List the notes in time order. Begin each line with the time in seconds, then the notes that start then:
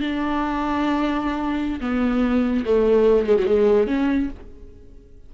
0.00 D4
1.80 B3
2.65 A3
3.26 G#3
3.37 F#3
3.46 G#3
3.87 C#4